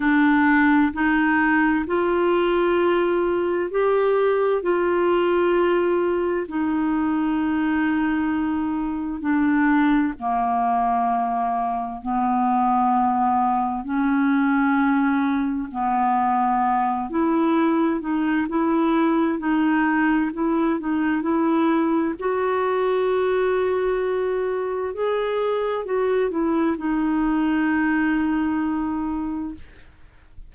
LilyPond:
\new Staff \with { instrumentName = "clarinet" } { \time 4/4 \tempo 4 = 65 d'4 dis'4 f'2 | g'4 f'2 dis'4~ | dis'2 d'4 ais4~ | ais4 b2 cis'4~ |
cis'4 b4. e'4 dis'8 | e'4 dis'4 e'8 dis'8 e'4 | fis'2. gis'4 | fis'8 e'8 dis'2. | }